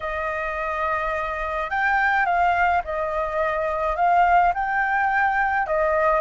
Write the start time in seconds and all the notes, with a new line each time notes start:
0.00 D#5
1.70 G5
2.25 F5
2.84 D#5
3.96 F5
4.54 G5
5.66 D#5